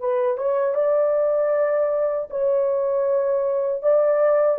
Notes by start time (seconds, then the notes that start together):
0.00 B4
0.38 C#5
0.75 D5
2.31 C#5
3.83 D5